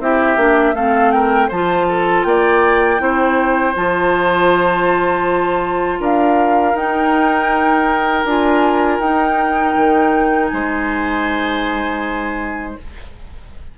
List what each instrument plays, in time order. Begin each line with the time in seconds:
0.00 bassoon C4, clarinet E4, oboe G4, flute E5
0.37 bassoon A#3, clarinet D4
0.74 bassoon A3, clarinet C4, oboe A4, flute F5
1.12 oboe A#4, flute G5
1.48 bassoon F3, clarinet F4, oboe C5, flute A5
1.89 oboe A4
2.24 bassoon A#3, oboe D5, flute G5
2.98 bassoon C4, clarinet E4, oboe C5
3.76 bassoon F3, clarinet F4, flute A5
5.99 bassoon D4, oboe A#4, flute F5
6.74 bassoon D#4, clarinet D#4, flute G5
8.24 bassoon D4, clarinet F4, flute G#5
8.99 bassoon D#4, clarinet D#4, flute G5
9.76 bassoon D#3
10.48 bassoon G#3, oboe C5, flute G#5